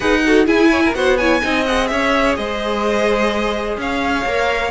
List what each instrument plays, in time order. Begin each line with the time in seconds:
0.00 cello D#4, viola G#4, violin B4 F#5
0.25 viola F#4, violin A4
0.45 viola E4, cello E4, violin G#4 G#5
0.70 violin C#5
0.84 violin A#4
0.94 cello B3, viola F#4, violin C5 F#5
1.17 viola E4, violin C#5 G#5
1.41 cello C4, viola D#4, violin D#5
1.66 viola G#4, violin F#5
1.87 cello C#4, violin C#5 E5
2.36 cello G#3, violin C5 D#5
3.77 cello C#4, violin C#5 F5
4.25 cello A#3, viola A#4